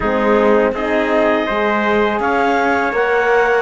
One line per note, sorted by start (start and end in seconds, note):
0.00 0.72 G#3
0.00 0.75 C4
0.00 0.73 D#4
0.00 0.71 G#4
0.72 1.45 C4
0.72 1.47 D#4
0.72 1.46 G#4
0.72 2.20 D#5
1.46 2.19 G#3
1.46 2.93 G#4
1.46 2.19 C5
2.19 2.92 C#4
2.19 3.61 C#5
2.19 2.93 F5
2.92 3.61 A#3
2.92 3.61 A#4
2.92 3.61 F#5